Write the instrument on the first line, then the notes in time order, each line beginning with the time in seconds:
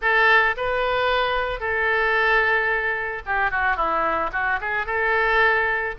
oboe
0.01 A4
0.56 B4
1.60 A4
3.26 G4
3.50 F#4
3.76 E4
4.32 F#4
4.61 G#4
4.86 A4